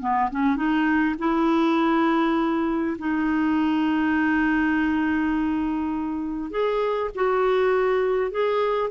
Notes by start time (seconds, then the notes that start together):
0.00 B3
0.31 C#4
0.56 D#4
1.18 E4
2.98 D#4
6.50 G#4
7.15 F#4
8.31 G#4